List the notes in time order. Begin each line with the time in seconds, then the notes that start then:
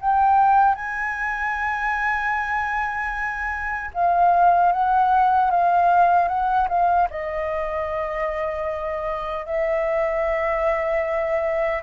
0.00 G5
0.75 G#5
3.93 F5
4.72 F#5
5.50 F5
6.28 F#5
6.68 F5
7.10 D#5
9.46 E5